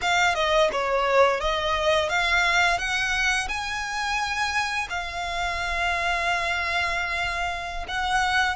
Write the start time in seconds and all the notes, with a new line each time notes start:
0.01 F5
0.35 D#5
0.72 C#5
1.40 D#5
2.09 F5
2.78 F#5
3.48 G#5
4.89 F5
7.88 F#5